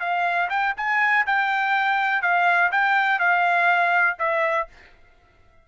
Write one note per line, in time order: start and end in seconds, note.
0.00 0.49 F5
0.50 0.74 G5
0.77 1.25 G#5
1.26 2.22 G5
2.22 2.71 F5
2.72 3.19 G5
3.19 4.17 F5
4.19 4.68 E5